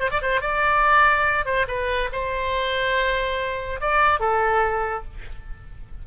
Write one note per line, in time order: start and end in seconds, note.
0.00 0.10 C5
0.11 0.21 D5
0.22 0.41 C5
0.41 1.46 D5
1.46 1.66 C5
1.68 2.10 B4
2.12 3.80 C5
3.81 4.20 D5
4.20 5.04 A4